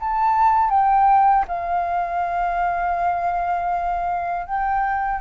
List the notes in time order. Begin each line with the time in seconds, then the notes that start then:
0.00 A5
0.70 G5
1.48 F5
4.46 G5